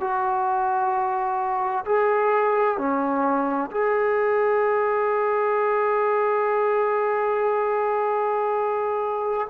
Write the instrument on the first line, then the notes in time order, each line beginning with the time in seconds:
trombone
0.00 F#4
1.85 G#4
2.78 C#4
3.71 G#4